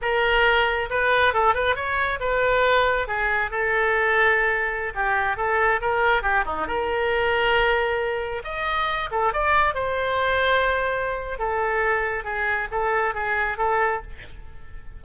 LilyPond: \new Staff \with { instrumentName = "oboe" } { \time 4/4 \tempo 4 = 137 ais'2 b'4 a'8 b'8 | cis''4 b'2 gis'4 | a'2.~ a'16 g'8.~ | g'16 a'4 ais'4 g'8 dis'8 ais'8.~ |
ais'2.~ ais'16 dis''8.~ | dis''8. a'8 d''4 c''4.~ c''16~ | c''2 a'2 | gis'4 a'4 gis'4 a'4 | }